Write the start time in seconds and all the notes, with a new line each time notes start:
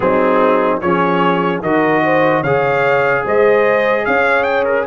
0.00 F#3 C4 D#4 G#4
0.80 F3 C#4 G#4 C#5
1.61 D#3 F#4 A#4 D#5
2.04 C5
2.41 C#3 G#4 C#5 F5
3.24 G#3 C5 D#5
4.05 C#4 C#5 F5
4.43 G5
4.64 A#4